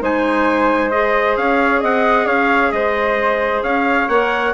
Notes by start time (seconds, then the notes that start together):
0.00 G#3 D#4 C5 G#5
0.91 G#4 D#5
1.37 C#4 C#5 F5
1.81 C4 D#5 F#5
2.26 C#4 C#5 F5
2.72 G#3 C5 D#5
3.63 C#4 C#5 F5
4.09 A#3 A#4 F#5